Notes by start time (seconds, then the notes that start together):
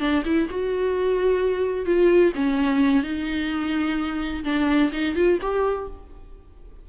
0.00 D4
0.25 E4
0.50 F#4
1.86 F4
2.35 C#4
3.04 D#4
4.45 D4
4.93 D#4
5.16 F4
5.42 G4